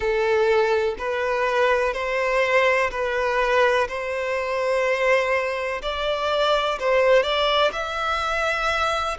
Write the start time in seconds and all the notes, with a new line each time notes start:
0.00 A4
0.98 B4
1.93 C5
2.90 B4
3.88 C5
5.82 D5
6.79 C5
7.23 D5
7.72 E5